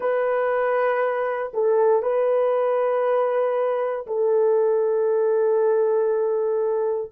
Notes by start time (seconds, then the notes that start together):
0.00 B4
1.53 A4
2.02 B4
4.07 A4